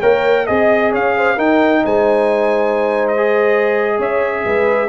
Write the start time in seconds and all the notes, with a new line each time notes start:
0.00 A#3 A#4 C#5 G5
0.46 C4 G#4 D#5
0.91 C#4 C#5 F5
1.17 C5
1.36 D#4 A#4 G5
1.84 G#3 C5 G#5
3.07 D#5
3.17 G#4
3.98 C#4 C#5 E5
4.45 G#3 B4